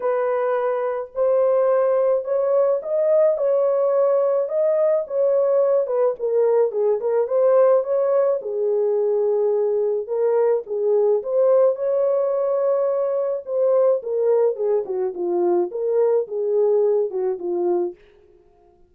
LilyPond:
\new Staff \with { instrumentName = "horn" } { \time 4/4 \tempo 4 = 107 b'2 c''2 | cis''4 dis''4 cis''2 | dis''4 cis''4. b'8 ais'4 | gis'8 ais'8 c''4 cis''4 gis'4~ |
gis'2 ais'4 gis'4 | c''4 cis''2. | c''4 ais'4 gis'8 fis'8 f'4 | ais'4 gis'4. fis'8 f'4 | }